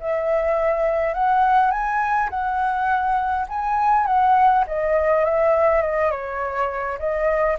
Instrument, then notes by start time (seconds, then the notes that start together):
flute
0.00 E5
1.14 F#5
1.71 G#5
2.30 F#5
3.49 G#5
4.06 F#5
4.67 D#5
5.25 E5
5.82 D#5
6.11 C#5
6.99 D#5